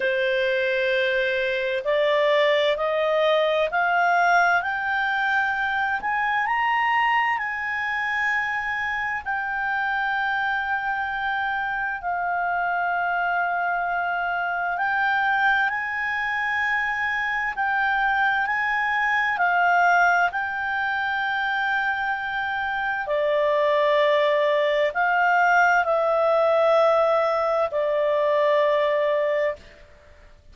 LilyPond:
\new Staff \with { instrumentName = "clarinet" } { \time 4/4 \tempo 4 = 65 c''2 d''4 dis''4 | f''4 g''4. gis''8 ais''4 | gis''2 g''2~ | g''4 f''2. |
g''4 gis''2 g''4 | gis''4 f''4 g''2~ | g''4 d''2 f''4 | e''2 d''2 | }